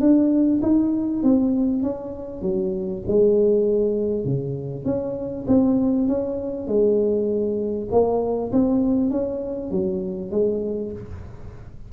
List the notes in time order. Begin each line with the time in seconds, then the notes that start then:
0.00 D4
0.62 D#4
1.23 C4
1.82 C#4
2.42 F#3
3.07 G#3
4.24 C#3
4.85 C#4
5.47 C4
6.08 C#4
6.67 G#3
7.91 A#3
8.52 C4
9.10 C#4
9.71 F#3
10.31 G#3